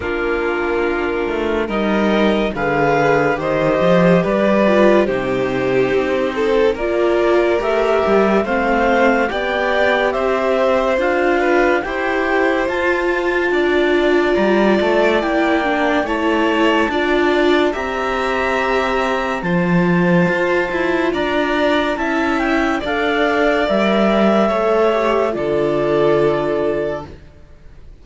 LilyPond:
<<
  \new Staff \with { instrumentName = "clarinet" } { \time 4/4 \tempo 4 = 71 ais'2 dis''4 f''4 | dis''4 d''4 c''2 | d''4 e''4 f''4 g''4 | e''4 f''4 g''4 a''4~ |
a''4 ais''8 a''8 g''4 a''4~ | a''4 ais''2 a''4~ | a''4 ais''4 a''8 g''8 f''4 | e''2 d''2 | }
  \new Staff \with { instrumentName = "violin" } { \time 4/4 f'2 ais'4 b'4 | c''4 b'4 g'4. a'8 | ais'2 c''4 d''4 | c''4. b'8 c''2 |
d''2. cis''4 | d''4 e''2 c''4~ | c''4 d''4 e''4 d''4~ | d''4 cis''4 a'2 | }
  \new Staff \with { instrumentName = "viola" } { \time 4/4 d'2 dis'4 gis'4 | g'4. f'8 dis'2 | f'4 g'4 c'4 g'4~ | g'4 f'4 g'4 f'4~ |
f'2 e'8 d'8 e'4 | f'4 g'2 f'4~ | f'2 e'4 a'4 | ais'4 a'8 g'8 f'2 | }
  \new Staff \with { instrumentName = "cello" } { \time 4/4 ais4. a8 g4 d4 | dis8 f8 g4 c4 c'4 | ais4 a8 g8 a4 b4 | c'4 d'4 e'4 f'4 |
d'4 g8 a8 ais4 a4 | d'4 c'2 f4 | f'8 e'8 d'4 cis'4 d'4 | g4 a4 d2 | }
>>